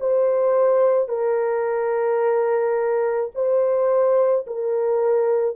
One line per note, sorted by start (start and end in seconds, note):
0.00 1.09 C5
1.09 3.31 A#4
3.35 4.46 C5
4.47 5.56 A#4